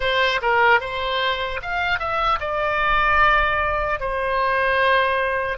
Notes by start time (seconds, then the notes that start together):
0.00 C5
0.41 A#4
0.80 C5
1.62 F5
1.99 E5
2.40 D5
4.00 C5